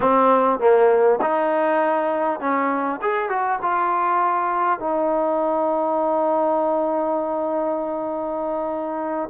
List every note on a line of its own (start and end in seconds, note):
0.00 0.59 C4
0.59 1.19 A#3
1.21 2.40 D#4
2.40 3.00 C#4
3.01 3.29 G#4
3.29 3.59 F#4
3.62 4.79 F4
4.79 9.29 D#4